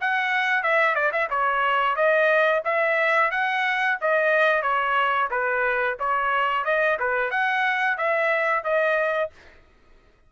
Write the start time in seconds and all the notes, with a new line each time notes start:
0.00 F#5
0.62 E5
0.95 D5
1.12 E5
1.30 C#5
1.95 D#5
2.64 E5
3.31 F#5
4.00 D#5
4.62 C#5
5.30 B4
5.99 C#5
6.64 D#5
6.99 B4
7.30 F#5
7.97 E5
8.63 D#5